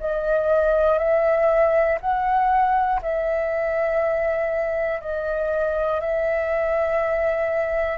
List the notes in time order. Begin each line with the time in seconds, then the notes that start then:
0.00 D#5
0.98 E5
2.00 F#5
3.02 E5
5.00 D#5
6.00 E5